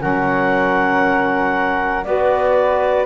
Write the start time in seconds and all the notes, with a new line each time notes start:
0.00 F#3 C#4 A#4 F#5
2.04 B3 F#4 B4 D5